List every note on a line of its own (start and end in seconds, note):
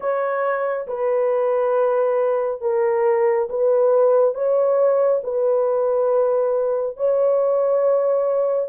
0.00 0.87 C#5
0.87 2.61 B4
2.61 3.48 A#4
3.49 4.34 B4
4.34 5.21 C#5
5.23 6.96 B4
6.96 8.68 C#5